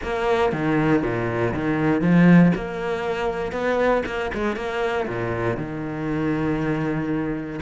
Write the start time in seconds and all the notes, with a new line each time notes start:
0.03 A#3
0.52 D#3
1.02 A#2
1.54 D#3
2.01 F3
2.55 A#3
3.52 B3
4.05 A#3
4.34 G#3
4.55 A#3
5.07 A#2
5.57 D#3